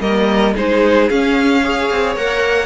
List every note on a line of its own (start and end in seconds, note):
0.00 0.53 G3
0.00 0.54 A#3
0.00 0.54 A#4
0.00 0.54 D#5
0.54 1.09 G#3
0.54 1.10 D#4
0.54 1.60 G#4
0.54 1.09 C5
1.09 1.90 C#4
1.09 1.63 C#4
1.09 2.15 F5
1.63 2.16 G#4
1.63 2.65 C#5
1.90 2.15 C4
2.15 2.65 A#3
2.15 2.65 A#4
2.15 2.65 F#5